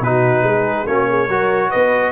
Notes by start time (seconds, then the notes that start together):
0.00 B2 D#4 F#4 B4
0.43 G#3 G#4
0.86 A#3 C#4 F#4 C#5
1.10 G#4
1.28 F#3 F#4 A#4
1.69 B3 B4 D#5